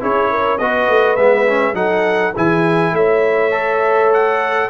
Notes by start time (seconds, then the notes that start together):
0.00 C#4 E4 G#4 C#5
0.30 A#4
0.58 B3 F#4 B4 D#5
0.89 A3
1.16 G#3 B3 E5
1.47 C#4
1.74 F#3 D#4 A4 F#5
2.33 E3 E4 G#4 G#5
2.92 A3 C#5 E5
3.51 A4
4.13 F#5